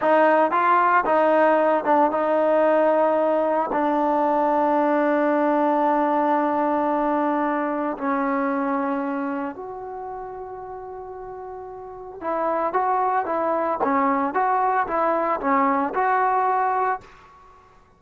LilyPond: \new Staff \with { instrumentName = "trombone" } { \time 4/4 \tempo 4 = 113 dis'4 f'4 dis'4. d'8 | dis'2. d'4~ | d'1~ | d'2. cis'4~ |
cis'2 fis'2~ | fis'2. e'4 | fis'4 e'4 cis'4 fis'4 | e'4 cis'4 fis'2 | }